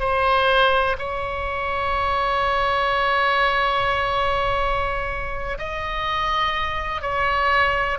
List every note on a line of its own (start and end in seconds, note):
0.00 0.97 C5
0.99 5.58 C#5
5.59 7.02 D#5
7.02 7.98 C#5